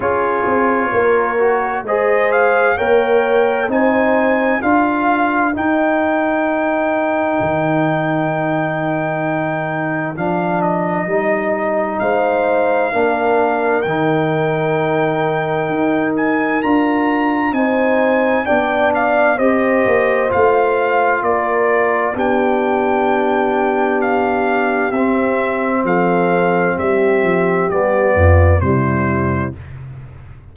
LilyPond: <<
  \new Staff \with { instrumentName = "trumpet" } { \time 4/4 \tempo 4 = 65 cis''2 dis''8 f''8 g''4 | gis''4 f''4 g''2~ | g''2. f''8 dis''8~ | dis''4 f''2 g''4~ |
g''4. gis''8 ais''4 gis''4 | g''8 f''8 dis''4 f''4 d''4 | g''2 f''4 e''4 | f''4 e''4 d''4 c''4 | }
  \new Staff \with { instrumentName = "horn" } { \time 4/4 gis'4 ais'4 c''4 cis''4 | c''4 ais'2.~ | ais'1~ | ais'4 c''4 ais'2~ |
ais'2. c''4 | d''4 c''2 ais'4 | g'1 | a'4 g'4. f'8 e'4 | }
  \new Staff \with { instrumentName = "trombone" } { \time 4/4 f'4. fis'8 gis'4 ais'4 | dis'4 f'4 dis'2~ | dis'2. d'4 | dis'2 d'4 dis'4~ |
dis'2 f'4 dis'4 | d'4 g'4 f'2 | d'2. c'4~ | c'2 b4 g4 | }
  \new Staff \with { instrumentName = "tuba" } { \time 4/4 cis'8 c'8 ais4 gis4 ais4 | c'4 d'4 dis'2 | dis2. f4 | g4 gis4 ais4 dis4~ |
dis4 dis'4 d'4 c'4 | b4 c'8 ais8 a4 ais4 | b2. c'4 | f4 g8 f8 g8 f,8 c4 | }
>>